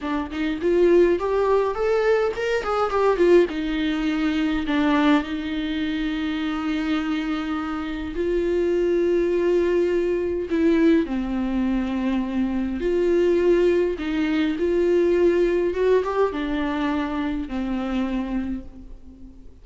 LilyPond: \new Staff \with { instrumentName = "viola" } { \time 4/4 \tempo 4 = 103 d'8 dis'8 f'4 g'4 a'4 | ais'8 gis'8 g'8 f'8 dis'2 | d'4 dis'2.~ | dis'2 f'2~ |
f'2 e'4 c'4~ | c'2 f'2 | dis'4 f'2 fis'8 g'8 | d'2 c'2 | }